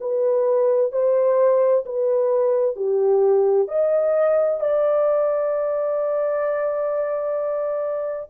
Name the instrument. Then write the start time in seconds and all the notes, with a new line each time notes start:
horn
0.00 B4
0.92 C5
1.85 B4
2.76 G4
3.68 D#5
4.60 D5